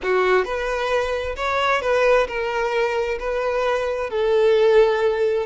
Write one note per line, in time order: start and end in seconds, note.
0.02 0.44 F#4
0.44 1.35 B4
1.36 1.81 C#5
1.81 2.27 B4
2.27 3.18 A#4
3.19 4.10 B4
4.10 5.45 A4